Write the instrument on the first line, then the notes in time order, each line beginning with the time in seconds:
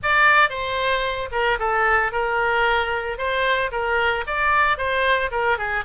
oboe
0.02 D5
0.49 C5
1.31 A#4
1.59 A4
2.11 A#4
3.17 C5
3.71 A#4
4.26 D5
4.77 C5
5.31 A#4
5.58 G#4